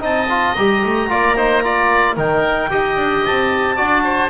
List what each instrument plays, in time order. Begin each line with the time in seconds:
0.00 double bass C4, trombone D#4, oboe D#5, clarinet A5
0.29 trombone F4
0.54 double bass G3, trombone G4, clarinet A#5
0.85 double bass A3
1.09 double bass A#3, trombone F4, oboe D5
1.37 trombone D#4, oboe C5
1.64 trombone F4, oboe D5
2.16 double bass D#3, trombone D#4, oboe A#4, clarinet G5
2.70 double bass D#4, trombone G4, oboe D#5
2.97 double bass D4
3.25 double bass C4, clarinet A5
3.76 double bass D4, trombone F#4, oboe D5
4.04 oboe C5